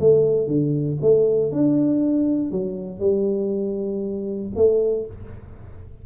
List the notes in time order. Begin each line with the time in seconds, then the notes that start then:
0.00 A3
0.47 D3
1.02 A3
1.52 D4
2.51 F#3
3.00 G3
4.56 A3